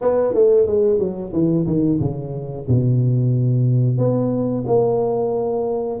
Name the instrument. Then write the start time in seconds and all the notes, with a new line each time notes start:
tuba
0.01 B3
0.34 A3
0.66 G#3
0.98 F#3
1.32 E3
1.66 D#3
2.00 C#3
2.68 B2
3.98 B3
4.66 A#3